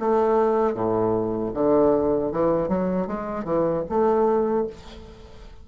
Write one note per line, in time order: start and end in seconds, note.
0.00 0.74 A3
0.74 1.52 A2
1.54 2.32 D3
2.32 2.69 E3
2.69 3.07 F#3
3.07 3.45 G#3
3.45 3.84 E3
3.90 4.68 A3